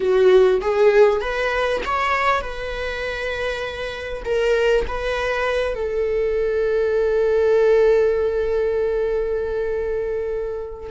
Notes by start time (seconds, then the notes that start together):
0.00 F#4
0.61 G#4
1.20 B4
1.85 C#5
2.41 B4
4.25 A#4
4.87 B4
5.74 A4